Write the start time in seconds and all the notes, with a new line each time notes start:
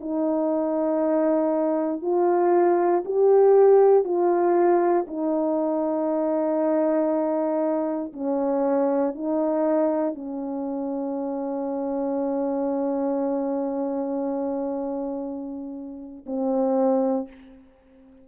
0.00 D#4
2.02 F4
3.05 G4
4.04 F4
5.07 D#4
8.13 C#4
9.14 D#4
10.15 C#4
16.26 C4